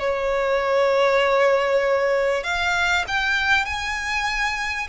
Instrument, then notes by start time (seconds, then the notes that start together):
violin
0.00 C#5
2.44 F5
3.08 G5
3.66 G#5